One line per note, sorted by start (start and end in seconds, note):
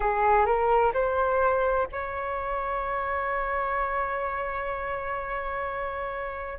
0.00 0.45 G#4
0.45 0.92 A#4
0.93 1.87 C5
1.91 6.59 C#5